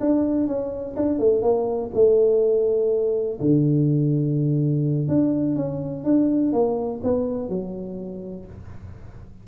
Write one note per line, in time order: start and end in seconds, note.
0.00 0.47 D4
0.47 0.95 C#4
0.96 1.19 D4
1.19 1.42 A3
1.42 1.90 A#3
1.94 3.39 A3
3.40 5.08 D3
5.08 5.55 D4
5.55 6.04 C#4
6.04 6.52 D4
6.52 7.01 A#3
7.03 7.49 B3
7.49 8.45 F#3